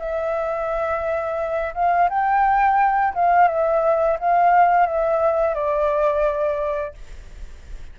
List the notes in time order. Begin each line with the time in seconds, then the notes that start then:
0.00 E5
1.75 F5
2.10 G5
3.15 F5
3.48 E5
4.20 F5
4.87 E5
5.55 D5